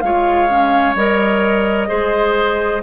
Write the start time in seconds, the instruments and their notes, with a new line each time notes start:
0.00 bassoon G#3, clarinet F4, oboe C#5, flute F5
0.49 clarinet C#4
0.95 bassoon G3, clarinet A#4, flute D#5
1.88 bassoon G#3, clarinet G#4, oboe C5